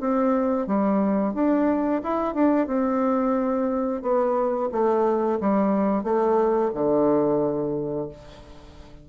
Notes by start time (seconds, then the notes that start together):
0.00 C4
0.67 G3
1.34 D4
2.03 E4
2.35 D4
2.67 C4
4.02 B3
4.72 A3
5.41 G3
6.04 A3
6.74 D3